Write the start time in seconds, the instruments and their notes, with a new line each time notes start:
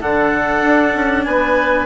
0.00 bassoon D3, cello D4, oboe A4, clarinet F#5
0.61 bassoon D4
0.94 bassoon C#4
1.24 bassoon B3, oboe B4, clarinet G#5